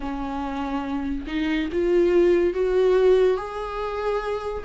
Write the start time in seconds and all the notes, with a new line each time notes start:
0.00 C#4
1.26 D#4
1.72 F4
2.53 F#4
3.37 G#4